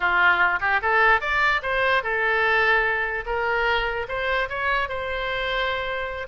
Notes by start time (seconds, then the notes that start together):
0.00 F4
0.60 G4
0.82 A4
1.20 D5
1.62 C5
2.03 A4
3.25 A#4
4.08 C5
4.49 C#5
4.88 C5